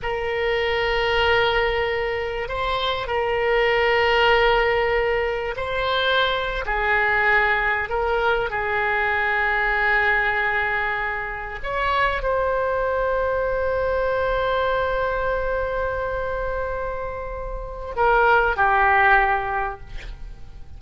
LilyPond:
\new Staff \with { instrumentName = "oboe" } { \time 4/4 \tempo 4 = 97 ais'1 | c''4 ais'2.~ | ais'4 c''4.~ c''16 gis'4~ gis'16~ | gis'8. ais'4 gis'2~ gis'16~ |
gis'2~ gis'8. cis''4 c''16~ | c''1~ | c''1~ | c''4 ais'4 g'2 | }